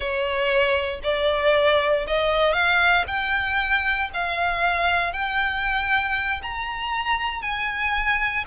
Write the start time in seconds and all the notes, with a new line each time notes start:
0.00 C#5
1.03 D5
2.07 D#5
2.53 F5
3.07 G5
4.13 F5
5.13 G5
6.42 A#5
7.41 G#5